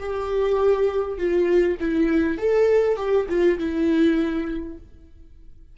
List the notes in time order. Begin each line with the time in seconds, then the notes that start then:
0.00 G4
1.18 F4
1.80 E4
2.38 A4
2.97 G4
3.29 F4
3.59 E4